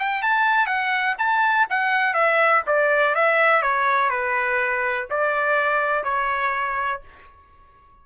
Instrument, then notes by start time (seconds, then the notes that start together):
trumpet
0.00 G5
0.23 A5
0.67 F#5
1.19 A5
1.70 F#5
2.14 E5
2.67 D5
3.16 E5
3.63 C#5
4.10 B4
5.11 D5
6.04 C#5